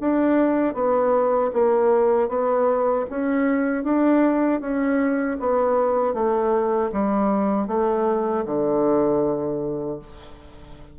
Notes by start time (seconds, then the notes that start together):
0.00 D4
0.74 B3
1.52 A#3
2.28 B3
3.09 C#4
3.84 D4
4.60 C#4
5.40 B3
6.14 A3
6.92 G3
7.67 A3
8.45 D3